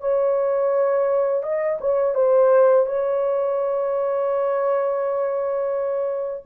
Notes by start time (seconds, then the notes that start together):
0.00 C#5
1.43 D#5
1.81 C#5
2.15 C5
2.86 C#5